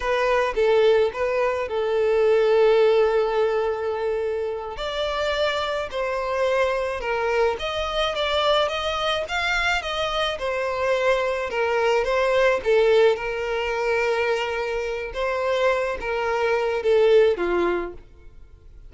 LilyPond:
\new Staff \with { instrumentName = "violin" } { \time 4/4 \tempo 4 = 107 b'4 a'4 b'4 a'4~ | a'1~ | a'8 d''2 c''4.~ | c''8 ais'4 dis''4 d''4 dis''8~ |
dis''8 f''4 dis''4 c''4.~ | c''8 ais'4 c''4 a'4 ais'8~ | ais'2. c''4~ | c''8 ais'4. a'4 f'4 | }